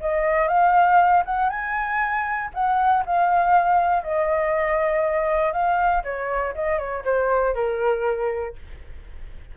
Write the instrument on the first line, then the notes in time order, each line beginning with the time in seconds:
flute
0.00 D#5
0.48 F5
1.25 F#5
1.49 G#5
2.54 F#5
3.06 F5
4.03 D#5
5.53 F5
6.04 C#5
6.55 D#5
6.79 C#5
7.05 C5
7.55 A#4